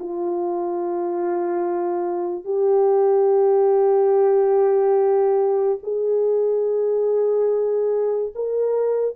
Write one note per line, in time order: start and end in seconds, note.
0.00 2.45 F4
2.45 5.78 G4
5.83 8.33 G#4
8.36 9.16 A#4